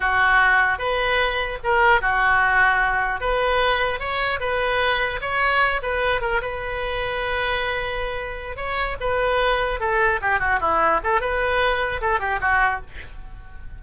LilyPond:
\new Staff \with { instrumentName = "oboe" } { \time 4/4 \tempo 4 = 150 fis'2 b'2 | ais'4 fis'2. | b'2 cis''4 b'4~ | b'4 cis''4. b'4 ais'8 |
b'1~ | b'4. cis''4 b'4.~ | b'8 a'4 g'8 fis'8 e'4 a'8 | b'2 a'8 g'8 fis'4 | }